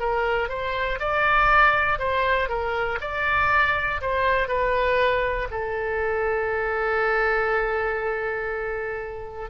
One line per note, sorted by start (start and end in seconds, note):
0.00 0.49 A#4
0.49 0.99 C5
1.00 1.99 D5
1.99 2.49 C5
2.49 2.99 A#4
3.01 4.01 D5
4.01 4.48 C5
4.48 5.48 B4
5.51 9.50 A4